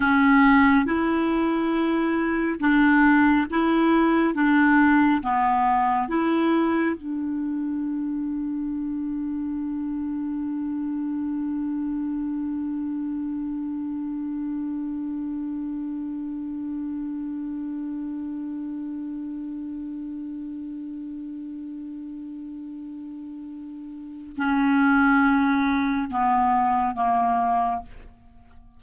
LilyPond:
\new Staff \with { instrumentName = "clarinet" } { \time 4/4 \tempo 4 = 69 cis'4 e'2 d'4 | e'4 d'4 b4 e'4 | d'1~ | d'1~ |
d'1~ | d'1~ | d'1 | cis'2 b4 ais4 | }